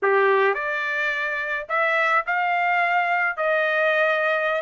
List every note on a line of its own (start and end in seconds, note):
0.02 0.54 G4
0.54 1.66 D5
1.68 2.25 E5
2.26 3.36 F5
3.36 4.61 D#5